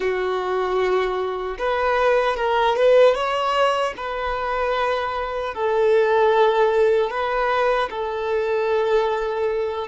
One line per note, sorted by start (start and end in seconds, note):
0.00 1.57 F#4
1.58 2.36 B4
2.36 2.76 A#4
2.76 3.14 B4
3.14 3.93 C#5
3.97 5.54 B4
5.54 7.10 A4
7.10 7.89 B4
7.89 9.87 A4